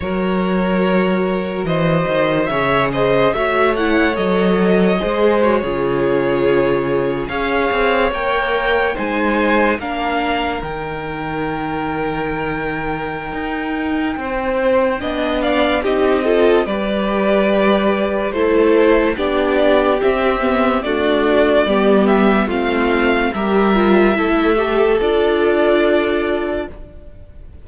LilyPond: <<
  \new Staff \with { instrumentName = "violin" } { \time 4/4 \tempo 4 = 72 cis''2 dis''4 e''8 dis''8 | e''8 fis''8 dis''4. cis''4.~ | cis''8. f''4 g''4 gis''4 f''16~ | f''8. g''2.~ g''16~ |
g''2~ g''8 f''8 dis''4 | d''2 c''4 d''4 | e''4 d''4. e''8 f''4 | e''2 d''2 | }
  \new Staff \with { instrumentName = "violin" } { \time 4/4 ais'2 c''4 cis''8 c''8 | cis''2 c''8. gis'4~ gis'16~ | gis'8. cis''2 c''4 ais'16~ | ais'1~ |
ais'4 c''4 dis''8 d''8 g'8 a'8 | b'2 a'4 g'4~ | g'4 fis'4 g'4 f'4 | ais'4 a'2. | }
  \new Staff \with { instrumentName = "viola" } { \time 4/4 fis'2. gis'4 | fis'8 e'8 a'4 gis'8 fis'16 f'4~ f'16~ | f'8. gis'4 ais'4 dis'4 d'16~ | d'8. dis'2.~ dis'16~ |
dis'2 d'4 dis'8 f'8 | g'2 e'4 d'4 | c'8 b8 a4 b4 c'4 | g'8 f'8 e'8 g'8 f'2 | }
  \new Staff \with { instrumentName = "cello" } { \time 4/4 fis2 e8 dis8 cis4 | a4 fis4 gis8. cis4~ cis16~ | cis8. cis'8 c'8 ais4 gis4 ais16~ | ais8. dis2.~ dis16 |
dis'4 c'4 b4 c'4 | g2 a4 b4 | c'4 d'4 g4 a4 | g4 a4 d'2 | }
>>